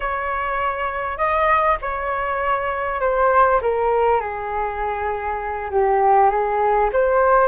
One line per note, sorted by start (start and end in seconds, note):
0.00 1.17 C#5
1.17 1.77 D#5
1.81 3.00 C#5
3.00 3.60 C5
3.61 4.20 A#4
4.20 5.70 G#4
5.70 6.30 G4
6.30 6.90 G#4
6.92 7.48 C5